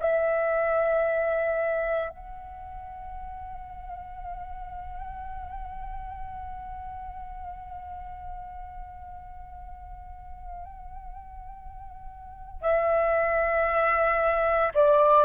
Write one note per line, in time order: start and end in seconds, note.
0.00 2.10 E5
2.10 12.62 F#5
12.62 14.72 E5
14.75 15.25 D5